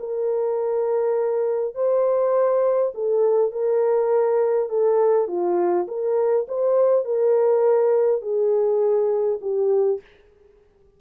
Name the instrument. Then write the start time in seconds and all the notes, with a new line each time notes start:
horn
0.00 A#4
1.75 C5
2.95 A4
3.52 A#4
4.69 A4
5.28 F4
5.88 A#4
6.48 C5
7.05 A#4
8.22 G#4
9.42 G4